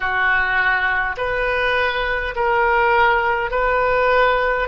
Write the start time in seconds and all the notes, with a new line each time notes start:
0.00 F#4
1.17 B4
2.35 A#4
3.50 B4